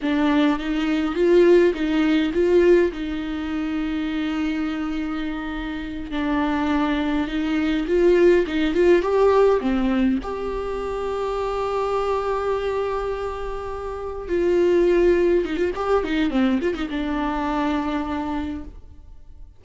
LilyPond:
\new Staff \with { instrumentName = "viola" } { \time 4/4 \tempo 4 = 103 d'4 dis'4 f'4 dis'4 | f'4 dis'2.~ | dis'2~ dis'8 d'4.~ | d'8 dis'4 f'4 dis'8 f'8 g'8~ |
g'8 c'4 g'2~ g'8~ | g'1~ | g'8 f'2 dis'16 f'16 g'8 dis'8 | c'8 f'16 dis'16 d'2. | }